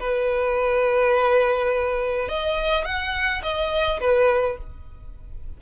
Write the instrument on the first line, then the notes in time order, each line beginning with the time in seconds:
violin
0.00 B4
2.29 D#5
2.85 F#5
3.42 D#5
4.00 B4